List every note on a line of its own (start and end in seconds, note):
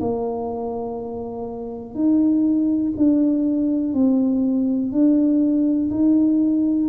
0.00 1.95 A#3
1.95 2.93 D#4
2.97 3.94 D4
3.94 4.92 C4
4.92 5.91 D4
5.91 6.89 D#4